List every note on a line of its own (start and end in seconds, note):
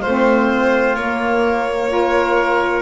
0.00 0.96 A3
0.00 1.88 F4
0.00 0.96 C5
0.06 0.98 C4
0.96 2.82 A#3
0.96 1.88 A#3
0.96 2.82 C#5
1.88 2.82 F4
1.88 2.82 A#4